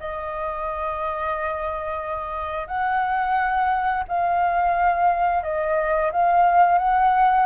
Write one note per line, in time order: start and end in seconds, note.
0.00 2.68 D#5
2.68 4.04 F#5
4.08 5.43 F5
5.43 6.11 D#5
6.12 6.78 F5
6.78 7.46 F#5